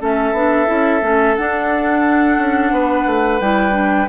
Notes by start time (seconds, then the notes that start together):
0.00 A3 C#4 A4 E5
0.32 B3 D4
0.66 C#4 E4
1.01 A3 C#4
1.36 D4 F#5
2.38 C#4
2.71 B3 B4
3.06 A3
3.40 G3 E4 G5
3.72 D4